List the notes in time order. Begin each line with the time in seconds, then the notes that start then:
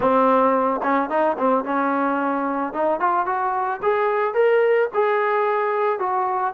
0.00 C4
0.82 C#4
1.09 D#4
1.38 C4
1.64 C#4
2.73 D#4
3.00 F4
3.26 F#4
3.82 G#4
4.34 A#4
4.94 G#4
5.99 F#4